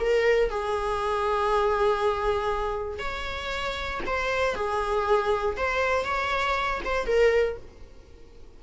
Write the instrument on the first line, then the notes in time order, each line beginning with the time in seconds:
viola
0.00 A#4
0.50 G#4
2.99 C#5
4.07 C5
4.55 G#4
5.57 C5
6.05 C#5
6.85 C5
7.07 A#4